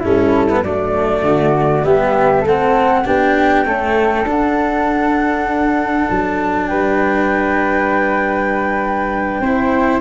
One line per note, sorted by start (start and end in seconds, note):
0.00 0.63 G3
0.00 0.50 C#4
0.00 0.61 E4
0.00 0.63 A4
0.50 0.65 B3
0.63 1.22 F#3
0.63 1.84 A3
0.63 1.24 D4
0.63 1.84 D5
1.22 1.83 D3
1.22 1.85 F#4
1.84 2.44 G3
1.84 2.45 B3
1.84 2.41 G4
1.84 2.45 E5
2.41 3.04 A3
2.41 3.02 A4
2.41 3.07 F#5
2.48 3.05 C4
3.05 3.67 B3
3.05 3.66 D4
3.05 3.67 G4
3.05 4.28 G5
3.66 4.26 A3
3.66 4.25 C#4
3.66 6.69 A4
4.25 6.07 D4
4.25 9.42 D4
4.25 6.10 F#5
6.10 6.71 F#3
6.10 6.67 A5
6.67 9.40 G3
6.67 9.41 B4
6.67 10.01 G5
9.40 10.01 C4
9.40 10.02 E4
9.40 10.02 C5